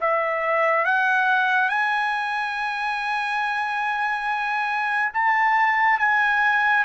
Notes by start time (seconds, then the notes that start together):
0.00 E5
0.85 F#5
1.69 G#5
5.13 A5
5.99 G#5